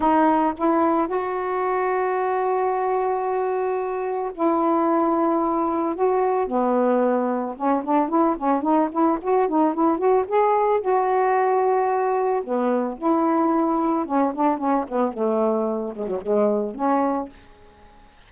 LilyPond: \new Staff \with { instrumentName = "saxophone" } { \time 4/4 \tempo 4 = 111 dis'4 e'4 fis'2~ | fis'1 | e'2. fis'4 | b2 cis'8 d'8 e'8 cis'8 |
dis'8 e'8 fis'8 dis'8 e'8 fis'8 gis'4 | fis'2. b4 | e'2 cis'8 d'8 cis'8 b8 | a4. gis16 fis16 gis4 cis'4 | }